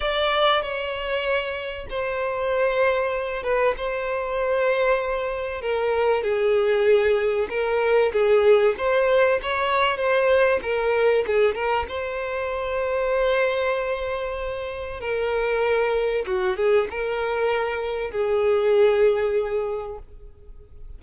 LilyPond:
\new Staff \with { instrumentName = "violin" } { \time 4/4 \tempo 4 = 96 d''4 cis''2 c''4~ | c''4. b'8 c''2~ | c''4 ais'4 gis'2 | ais'4 gis'4 c''4 cis''4 |
c''4 ais'4 gis'8 ais'8 c''4~ | c''1 | ais'2 fis'8 gis'8 ais'4~ | ais'4 gis'2. | }